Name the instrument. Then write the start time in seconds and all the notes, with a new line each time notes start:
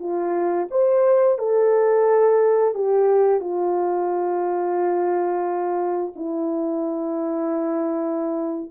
horn
0.00 F4
0.71 C5
1.39 A4
2.75 G4
3.41 F4
6.16 E4